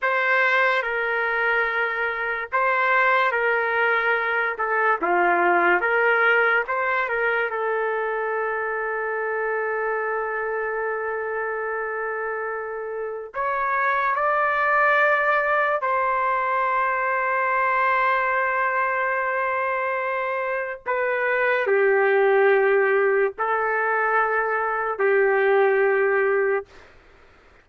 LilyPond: \new Staff \with { instrumentName = "trumpet" } { \time 4/4 \tempo 4 = 72 c''4 ais'2 c''4 | ais'4. a'8 f'4 ais'4 | c''8 ais'8 a'2.~ | a'1 |
cis''4 d''2 c''4~ | c''1~ | c''4 b'4 g'2 | a'2 g'2 | }